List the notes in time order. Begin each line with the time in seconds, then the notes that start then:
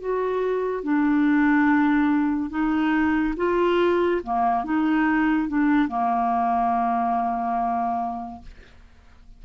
0.00 F#4
0.83 D4
2.50 D#4
3.36 F4
4.23 A#3
4.64 D#4
5.48 D4
5.88 A#3